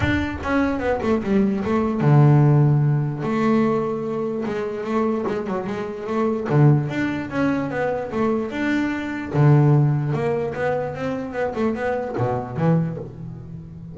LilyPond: \new Staff \with { instrumentName = "double bass" } { \time 4/4 \tempo 4 = 148 d'4 cis'4 b8 a8 g4 | a4 d2. | a2. gis4 | a4 gis8 fis8 gis4 a4 |
d4 d'4 cis'4 b4 | a4 d'2 d4~ | d4 ais4 b4 c'4 | b8 a8 b4 b,4 e4 | }